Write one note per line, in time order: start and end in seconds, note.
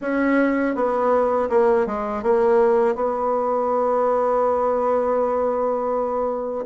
0.01 0.75 C#4
0.75 1.49 B3
1.49 1.86 A#3
1.86 2.23 G#3
2.23 2.95 A#3
2.95 6.65 B3